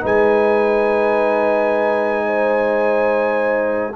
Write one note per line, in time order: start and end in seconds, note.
0.00 3.96 G#3
0.00 3.93 D#4
0.00 2.26 B4
0.00 3.96 G#5
2.26 3.94 C5